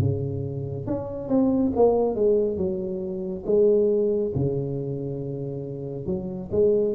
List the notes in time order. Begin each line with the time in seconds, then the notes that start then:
0.00 C#3
0.87 C#4
1.29 C4
1.76 A#3
2.15 G#3
2.57 F#3
3.46 G#3
4.35 C#3
6.07 F#3
6.51 G#3